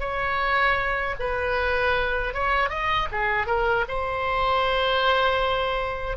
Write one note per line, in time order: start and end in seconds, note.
0.00 1.15 C#5
1.20 2.34 B4
2.34 2.70 C#5
2.70 3.08 D#5
3.12 3.47 G#4
3.47 3.85 A#4
3.88 6.17 C5